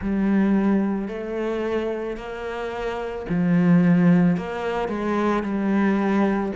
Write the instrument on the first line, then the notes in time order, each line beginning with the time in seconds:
cello
0.01 G3
1.08 A3
2.16 A#3
3.29 F3
4.36 A#3
4.88 G#3
5.42 G3